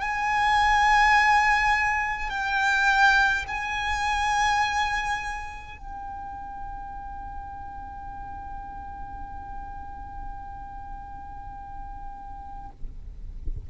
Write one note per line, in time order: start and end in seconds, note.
0.00 2.30 G#5
2.30 3.45 G5
3.48 5.77 G#5
5.77 12.70 G5